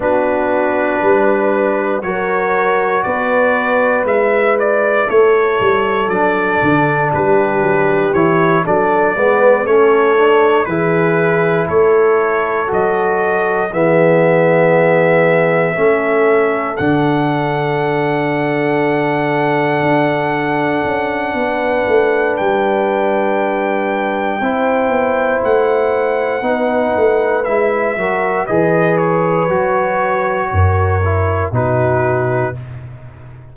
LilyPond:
<<
  \new Staff \with { instrumentName = "trumpet" } { \time 4/4 \tempo 4 = 59 b'2 cis''4 d''4 | e''8 d''8 cis''4 d''4 b'4 | cis''8 d''4 cis''4 b'4 cis''8~ | cis''8 dis''4 e''2~ e''8~ |
e''8 fis''2.~ fis''8~ | fis''2 g''2~ | g''4 fis''2 e''4 | dis''8 cis''2~ cis''8 b'4 | }
  \new Staff \with { instrumentName = "horn" } { \time 4/4 fis'4 b'4 ais'4 b'4~ | b'4 a'2 g'4~ | g'8 a'8 b'8 a'4 gis'4 a'8~ | a'4. gis'2 a'8~ |
a'1~ | a'4 b'2. | c''2 b'4. ais'8 | b'2 ais'4 fis'4 | }
  \new Staff \with { instrumentName = "trombone" } { \time 4/4 d'2 fis'2 | e'2 d'2 | e'8 d'8 b8 cis'8 d'8 e'4.~ | e'8 fis'4 b2 cis'8~ |
cis'8 d'2.~ d'8~ | d'1 | e'2 dis'4 e'8 fis'8 | gis'4 fis'4. e'8 dis'4 | }
  \new Staff \with { instrumentName = "tuba" } { \time 4/4 b4 g4 fis4 b4 | gis4 a8 g8 fis8 d8 g8 fis8 | e8 fis8 gis8 a4 e4 a8~ | a8 fis4 e2 a8~ |
a8 d2. d'8~ | d'8 cis'8 b8 a8 g2 | c'8 b8 a4 b8 a8 gis8 fis8 | e4 fis4 fis,4 b,4 | }
>>